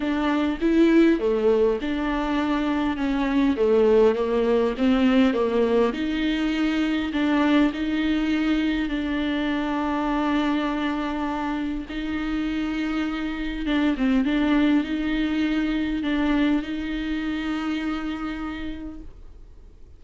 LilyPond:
\new Staff \with { instrumentName = "viola" } { \time 4/4 \tempo 4 = 101 d'4 e'4 a4 d'4~ | d'4 cis'4 a4 ais4 | c'4 ais4 dis'2 | d'4 dis'2 d'4~ |
d'1 | dis'2. d'8 c'8 | d'4 dis'2 d'4 | dis'1 | }